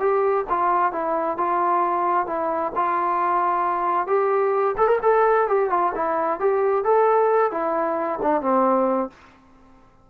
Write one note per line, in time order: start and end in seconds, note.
0.00 0.45 G4
0.50 0.93 F4
0.93 1.38 E4
1.38 2.27 F4
2.27 2.73 E4
2.76 4.08 F4
4.08 4.76 G4
4.78 4.88 A4
4.88 4.99 A#4
5.03 5.48 A4
5.48 5.70 G4
5.70 5.93 F4
5.95 6.40 E4
6.40 6.85 G4
6.85 7.52 A4
7.52 8.20 E4
8.23 8.42 D4
8.42 9.10 C4